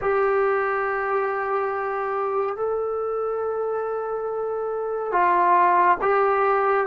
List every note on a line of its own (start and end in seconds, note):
0.01 2.56 G4
2.56 5.12 A4
5.12 5.97 F4
6.01 6.86 G4